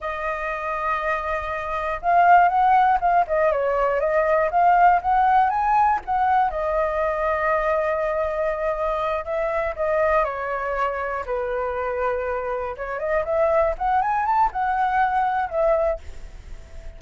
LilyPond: \new Staff \with { instrumentName = "flute" } { \time 4/4 \tempo 4 = 120 dis''1 | f''4 fis''4 f''8 dis''8 cis''4 | dis''4 f''4 fis''4 gis''4 | fis''4 dis''2.~ |
dis''2~ dis''8 e''4 dis''8~ | dis''8 cis''2 b'4.~ | b'4. cis''8 dis''8 e''4 fis''8 | gis''8 a''8 fis''2 e''4 | }